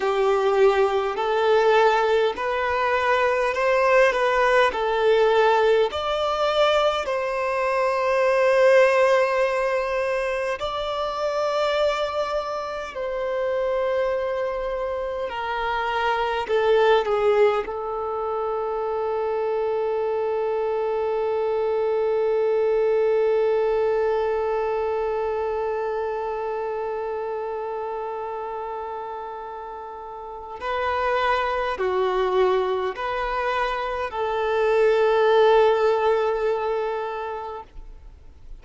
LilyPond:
\new Staff \with { instrumentName = "violin" } { \time 4/4 \tempo 4 = 51 g'4 a'4 b'4 c''8 b'8 | a'4 d''4 c''2~ | c''4 d''2 c''4~ | c''4 ais'4 a'8 gis'8 a'4~ |
a'1~ | a'1~ | a'2 b'4 fis'4 | b'4 a'2. | }